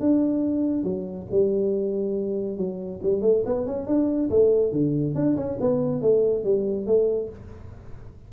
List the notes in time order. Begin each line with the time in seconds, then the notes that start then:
0.00 D4
0.84 F#3
1.31 G3
2.57 F#3
3.03 G3
3.22 A3
3.46 B3
3.67 C#4
3.87 D4
4.30 A3
4.72 D3
5.15 D4
5.36 C#4
5.61 B3
6.02 A3
6.44 G3
6.87 A3